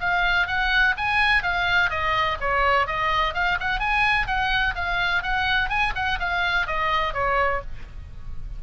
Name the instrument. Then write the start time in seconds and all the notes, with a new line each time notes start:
oboe
0.00 F5
0.47 F#5
0.97 G#5
1.43 F5
1.90 D#5
2.41 C#5
2.87 D#5
3.34 F5
3.60 F#5
3.80 G#5
4.27 F#5
4.75 F5
5.23 F#5
5.69 G#5
5.95 F#5
6.20 F5
6.67 D#5
7.14 C#5